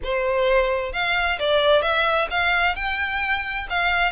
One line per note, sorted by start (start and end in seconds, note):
0.03 0.93 C5
0.93 1.38 F5
1.39 1.82 D5
1.82 2.28 E5
2.30 2.75 F5
2.75 3.67 G5
3.69 4.11 F5